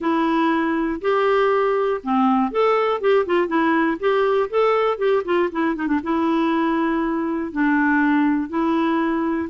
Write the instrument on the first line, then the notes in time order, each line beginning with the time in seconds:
clarinet
0.00 E4
1.01 G4
2.03 C4
2.51 A4
3.00 G4
3.25 F4
3.47 E4
3.99 G4
4.50 A4
4.97 G4
5.24 F4
5.52 E4
5.75 D#4
5.87 D4
6.03 E4
7.51 D4
8.49 E4